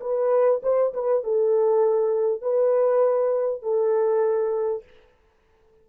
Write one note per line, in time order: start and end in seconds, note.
0.00 0.61 B4
0.63 0.93 C5
0.93 1.23 B4
1.23 2.41 A4
2.41 3.62 B4
3.62 4.83 A4